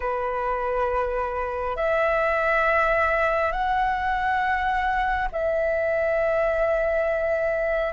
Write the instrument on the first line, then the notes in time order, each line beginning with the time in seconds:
flute
0.00 B4
1.76 E5
3.52 F#5
5.31 E5